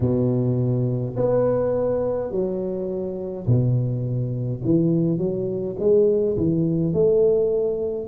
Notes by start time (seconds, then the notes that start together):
0.00 B2
1.16 B3
2.31 F#3
3.46 B2
4.64 E3
5.18 F#3
5.79 G#3
6.37 E3
6.93 A3